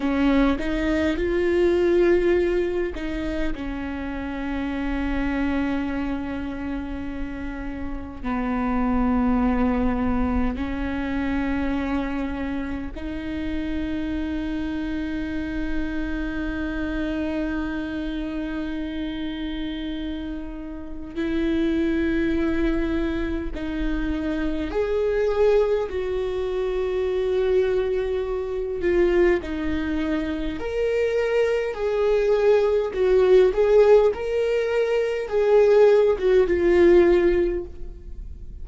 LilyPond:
\new Staff \with { instrumentName = "viola" } { \time 4/4 \tempo 4 = 51 cis'8 dis'8 f'4. dis'8 cis'4~ | cis'2. b4~ | b4 cis'2 dis'4~ | dis'1~ |
dis'2 e'2 | dis'4 gis'4 fis'2~ | fis'8 f'8 dis'4 ais'4 gis'4 | fis'8 gis'8 ais'4 gis'8. fis'16 f'4 | }